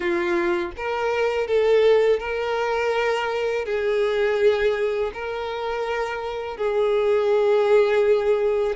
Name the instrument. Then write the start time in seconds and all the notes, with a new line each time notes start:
violin
0.00 F4
0.76 A#4
1.47 A4
2.19 A#4
3.65 G#4
5.13 A#4
6.57 G#4